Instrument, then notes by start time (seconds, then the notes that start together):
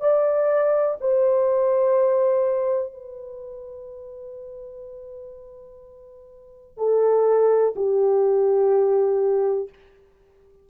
horn
0.00 D5
1.01 C5
2.94 B4
6.77 A4
7.76 G4